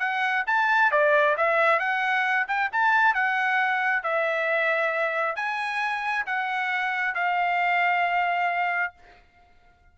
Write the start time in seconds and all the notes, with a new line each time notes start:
0.00 F#5
0.47 A5
0.92 D5
1.38 E5
1.80 F#5
2.48 G5
2.73 A5
3.15 F#5
4.03 E5
5.36 G#5
6.27 F#5
7.15 F5